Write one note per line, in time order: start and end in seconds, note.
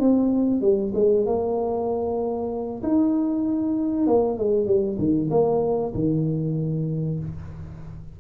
0.00 0.62 C4
0.62 0.93 G3
0.95 1.26 G#3
1.26 2.83 A#3
2.83 4.07 D#4
4.07 4.38 A#3
4.38 4.67 G#3
4.67 4.98 G3
4.99 5.30 D#3
5.31 5.93 A#3
5.95 7.20 D#3